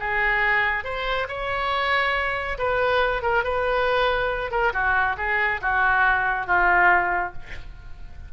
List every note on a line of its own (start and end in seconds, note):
0.00 0.84 G#4
0.84 1.27 C5
1.28 2.58 C#5
2.58 3.22 B4
3.22 3.44 A#4
3.44 4.51 B4
4.51 4.73 A#4
4.73 5.16 F#4
5.17 5.61 G#4
5.62 6.47 F#4
6.47 7.33 F4